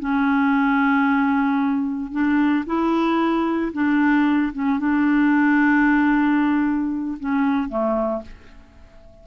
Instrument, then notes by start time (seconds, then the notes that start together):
clarinet
0.00 C#4
2.12 D4
2.66 E4
3.73 D4
4.53 C#4
4.79 D4
7.20 C#4
7.69 A3